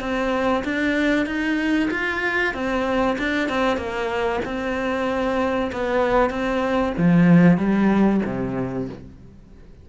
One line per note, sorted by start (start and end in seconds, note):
0.00 0.63 C4
0.64 1.26 D4
1.26 1.89 D#4
1.90 2.53 F4
2.53 3.17 C4
3.18 3.49 D4
3.49 3.77 C4
3.77 4.40 A#3
4.45 5.71 C4
5.72 6.30 B3
6.30 6.93 C4
6.97 7.57 F3
7.57 8.20 G3
8.25 8.89 C3